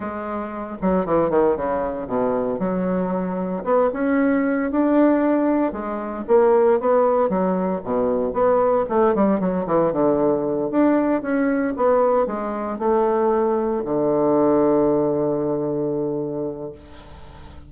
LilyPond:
\new Staff \with { instrumentName = "bassoon" } { \time 4/4 \tempo 4 = 115 gis4. fis8 e8 dis8 cis4 | b,4 fis2 b8 cis'8~ | cis'4 d'2 gis4 | ais4 b4 fis4 b,4 |
b4 a8 g8 fis8 e8 d4~ | d8 d'4 cis'4 b4 gis8~ | gis8 a2 d4.~ | d1 | }